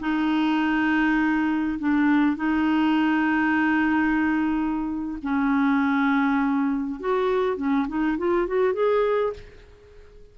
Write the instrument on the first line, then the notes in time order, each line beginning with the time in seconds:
clarinet
0.00 D#4
1.79 D4
2.36 D#4
5.23 C#4
7.00 F#4
7.57 C#4
7.88 D#4
8.18 F4
8.47 F#4
8.74 G#4